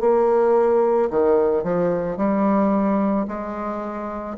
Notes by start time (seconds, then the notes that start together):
0.00 A#3
1.10 D#3
1.63 F3
2.17 G3
3.28 G#3